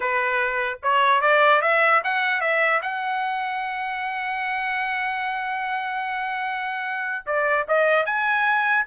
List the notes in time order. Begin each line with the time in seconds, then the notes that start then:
0.00 B4
0.83 C#5
1.21 D5
1.61 E5
2.04 F#5
2.40 E5
2.82 F#5
7.26 D5
7.67 D#5
8.05 G#5